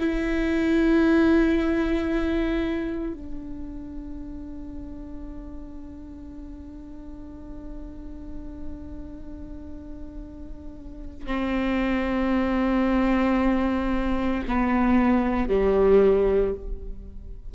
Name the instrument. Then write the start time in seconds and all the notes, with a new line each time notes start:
viola
0.00 E4
3.14 D4
11.27 C4
14.48 B3
15.49 G3